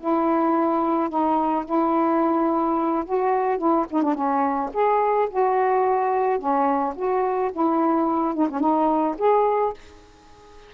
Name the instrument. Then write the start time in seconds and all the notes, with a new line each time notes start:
saxophone
0.00 E4
1.09 D#4
1.65 E4
3.05 F#4
3.58 E4
3.91 D#4
4.02 D4
4.15 C#4
4.73 G#4
5.30 F#4
6.39 C#4
6.96 F#4
7.53 E4
8.34 D#4
8.50 C#4
8.60 D#4
9.18 G#4